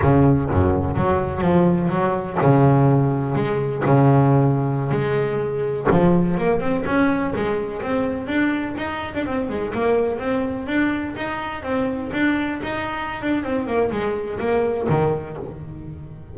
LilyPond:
\new Staff \with { instrumentName = "double bass" } { \time 4/4 \tempo 4 = 125 cis4 fis,4 fis4 f4 | fis4 cis2 gis4 | cis2~ cis16 gis4.~ gis16~ | gis16 f4 ais8 c'8 cis'4 gis8.~ |
gis16 c'4 d'4 dis'8. d'16 c'8 gis16~ | gis16 ais4 c'4 d'4 dis'8.~ | dis'16 c'4 d'4 dis'4~ dis'16 d'8 | c'8 ais8 gis4 ais4 dis4 | }